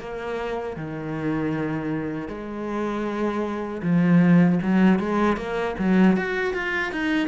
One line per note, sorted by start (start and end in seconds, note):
0.00 0.77 A#3
0.77 2.28 D#3
2.28 3.82 G#3
3.83 4.60 F3
4.63 4.99 F#3
4.99 5.37 G#3
5.37 5.76 A#3
5.79 6.17 F#3
6.17 6.54 F#4
6.54 6.93 F4
6.93 7.28 D#4